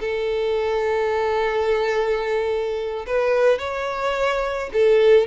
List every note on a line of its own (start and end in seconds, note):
0.00 3.06 A4
3.06 3.59 B4
3.59 4.70 C#5
4.72 5.27 A4